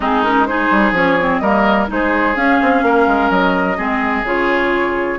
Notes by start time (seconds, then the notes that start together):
0.00 G#3 C4 D#4 G#4
0.23 C#4 A#4
0.45 D#4 G#4 C5
0.71 G3
0.91 F3 C#4 C#5
1.20 C4
1.38 G3 A#3 A#4 D#5
1.87 G#3 D#4 C5
1.93 G#4
2.35 C#4 F5
2.61 C4
2.82 A#3 A#4
3.07 G#3
3.29 F#3 D#5
3.77 G#3 C4 G#4
4.22 C#3 F4 C#5